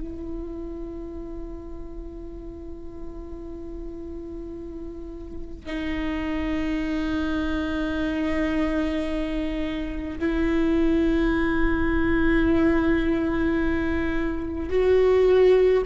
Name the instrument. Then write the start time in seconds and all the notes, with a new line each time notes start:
viola
0.00 E4
5.66 D#4
10.19 E4
14.69 F#4